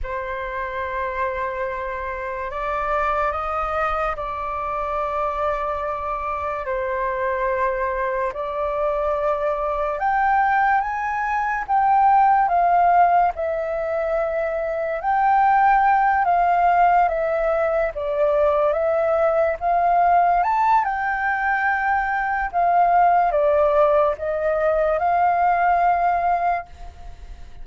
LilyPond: \new Staff \with { instrumentName = "flute" } { \time 4/4 \tempo 4 = 72 c''2. d''4 | dis''4 d''2. | c''2 d''2 | g''4 gis''4 g''4 f''4 |
e''2 g''4. f''8~ | f''8 e''4 d''4 e''4 f''8~ | f''8 a''8 g''2 f''4 | d''4 dis''4 f''2 | }